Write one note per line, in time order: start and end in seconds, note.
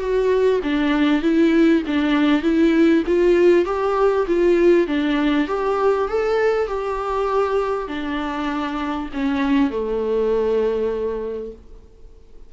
0.00 0.61 F#4
0.63 1.22 D4
1.22 1.83 E4
1.87 2.43 D4
2.43 3.04 E4
3.07 3.66 F4
3.66 4.26 G4
4.28 4.88 F4
4.88 5.48 D4
5.48 6.09 G4
6.09 6.68 A4
6.68 7.88 G4
7.88 9.10 D4
9.13 9.71 C#4
9.71 11.53 A3